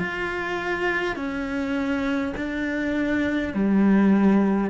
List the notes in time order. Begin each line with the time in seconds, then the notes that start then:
0.00 F4
1.16 C#4
2.37 D4
3.54 G3